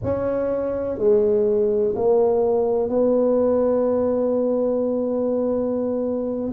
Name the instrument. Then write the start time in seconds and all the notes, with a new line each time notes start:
tuba
0.03 C#4
0.98 G#3
1.95 A#3
2.89 B3